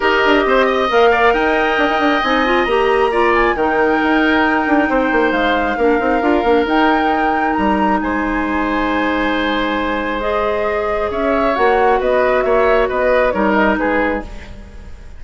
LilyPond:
<<
  \new Staff \with { instrumentName = "flute" } { \time 4/4 \tempo 4 = 135 dis''2 f''4 g''4~ | g''4 gis''4 ais''4. gis''8 | g''1 | f''2. g''4~ |
g''4 ais''4 gis''2~ | gis''2. dis''4~ | dis''4 e''4 fis''4 dis''4 | e''4 dis''4 cis''8 dis''8 b'4 | }
  \new Staff \with { instrumentName = "oboe" } { \time 4/4 ais'4 c''8 dis''4 d''8 dis''4~ | dis''2. d''4 | ais'2. c''4~ | c''4 ais'2.~ |
ais'2 c''2~ | c''1~ | c''4 cis''2 b'4 | cis''4 b'4 ais'4 gis'4 | }
  \new Staff \with { instrumentName = "clarinet" } { \time 4/4 g'2 ais'2~ | ais'4 dis'8 f'8 g'4 f'4 | dis'1~ | dis'4 d'8 dis'8 f'8 d'8 dis'4~ |
dis'1~ | dis'2. gis'4~ | gis'2 fis'2~ | fis'2 dis'2 | }
  \new Staff \with { instrumentName = "bassoon" } { \time 4/4 dis'8 d'8 c'4 ais4 dis'4 | d'16 dis'16 d'8 c'4 ais2 | dis4 dis'4. d'8 c'8 ais8 | gis4 ais8 c'8 d'8 ais8 dis'4~ |
dis'4 g4 gis2~ | gis1~ | gis4 cis'4 ais4 b4 | ais4 b4 g4 gis4 | }
>>